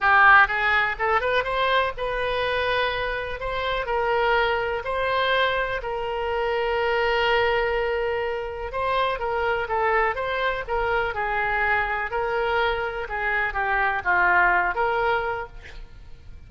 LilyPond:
\new Staff \with { instrumentName = "oboe" } { \time 4/4 \tempo 4 = 124 g'4 gis'4 a'8 b'8 c''4 | b'2. c''4 | ais'2 c''2 | ais'1~ |
ais'2 c''4 ais'4 | a'4 c''4 ais'4 gis'4~ | gis'4 ais'2 gis'4 | g'4 f'4. ais'4. | }